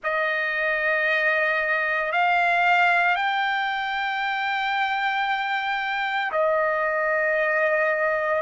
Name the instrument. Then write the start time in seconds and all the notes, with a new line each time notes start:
trumpet
0.03 D#5
2.11 F5
3.15 G5
6.32 D#5